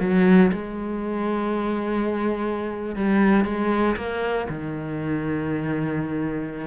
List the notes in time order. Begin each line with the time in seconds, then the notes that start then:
0.00 F#3
0.52 G#3
2.96 G3
3.45 G#3
3.97 A#3
4.49 D#3